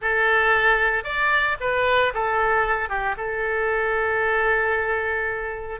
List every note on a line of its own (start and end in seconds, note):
0.01 1.04 A4
1.04 1.56 D5
1.60 2.13 B4
2.13 2.89 A4
2.89 3.15 G4
3.17 5.80 A4